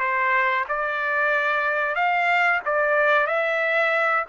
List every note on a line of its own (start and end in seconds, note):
0.00 0.65 C5
0.68 1.95 D5
1.95 2.61 F5
2.65 3.27 D5
3.27 4.25 E5